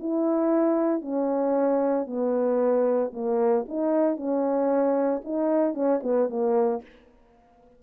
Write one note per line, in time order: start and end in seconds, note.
0.00 1.02 E4
1.02 2.07 C#4
2.07 3.12 B3
3.14 3.66 A#3
3.68 4.17 D#4
4.17 5.22 C#4
5.25 5.74 D#4
5.74 6.01 C#4
6.03 6.30 B3
6.30 6.83 A#3